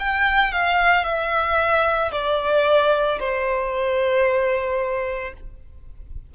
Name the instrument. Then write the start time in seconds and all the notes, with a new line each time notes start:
violin
0.00 G5
0.53 F5
1.04 E5
2.12 D5
3.19 C5